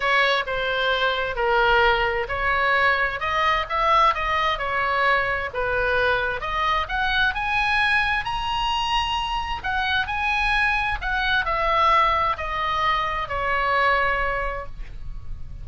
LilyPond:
\new Staff \with { instrumentName = "oboe" } { \time 4/4 \tempo 4 = 131 cis''4 c''2 ais'4~ | ais'4 cis''2 dis''4 | e''4 dis''4 cis''2 | b'2 dis''4 fis''4 |
gis''2 ais''2~ | ais''4 fis''4 gis''2 | fis''4 e''2 dis''4~ | dis''4 cis''2. | }